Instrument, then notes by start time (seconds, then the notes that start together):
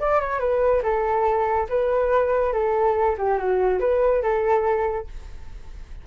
flute
0.00 D5
0.20 C#5
0.40 B4
0.83 A4
1.69 B4
2.53 A4
3.18 G4
3.38 F#4
3.80 B4
4.22 A4